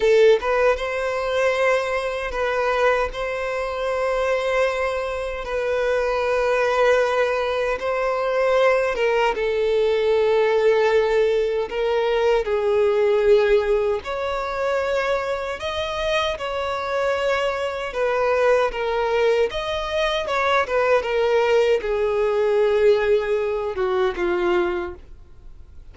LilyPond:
\new Staff \with { instrumentName = "violin" } { \time 4/4 \tempo 4 = 77 a'8 b'8 c''2 b'4 | c''2. b'4~ | b'2 c''4. ais'8 | a'2. ais'4 |
gis'2 cis''2 | dis''4 cis''2 b'4 | ais'4 dis''4 cis''8 b'8 ais'4 | gis'2~ gis'8 fis'8 f'4 | }